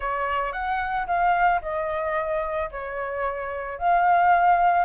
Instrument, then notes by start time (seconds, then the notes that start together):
flute
0.00 C#5
0.52 F#5
1.07 F5
1.61 D#5
2.71 C#5
3.78 F5